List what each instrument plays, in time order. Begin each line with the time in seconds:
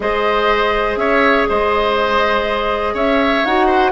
0.00 bassoon G#3, clarinet G#4, oboe C5, flute D#5
0.96 bassoon C#4, oboe C#5, flute E5
1.48 bassoon G#3, oboe C5, flute D#5
2.93 bassoon C#4, oboe C#5, flute E5
3.44 bassoon D#4, clarinet F#4, flute F#5
3.66 oboe C5